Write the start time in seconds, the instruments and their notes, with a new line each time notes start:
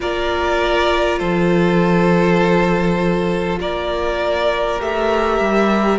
0.00 cello A#3, viola F4, violin A#4 D5
1.18 cello F3, violin A4 C5
3.59 cello A#3, violin A#4 D5
4.79 cello A3, viola G4, violin E5
5.40 cello G3